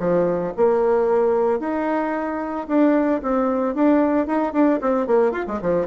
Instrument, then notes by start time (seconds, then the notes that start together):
bassoon
0.00 F3
0.57 A#3
1.60 D#4
2.68 D4
3.23 C4
3.75 D4
4.27 D#4
4.53 D4
4.82 C4
5.07 A#3
5.32 F4
5.48 G#3
5.62 F3